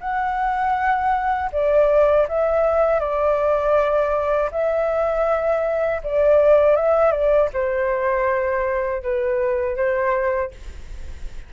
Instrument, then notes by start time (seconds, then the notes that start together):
flute
0.00 F#5
1.52 D5
2.28 E5
2.99 D5
4.51 E5
6.03 D5
6.76 E5
7.11 D5
7.53 C5
9.02 B4
9.76 C5